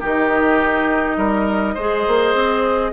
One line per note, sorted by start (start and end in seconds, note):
0.00 1.17 D#3
0.00 1.76 D#4
0.00 1.17 G4
0.00 2.92 D#5
1.17 1.75 G3
1.17 1.74 A#4
1.74 2.06 G#3
1.74 2.92 G#4
1.74 2.90 C5
2.07 2.34 A#3
2.34 2.92 C4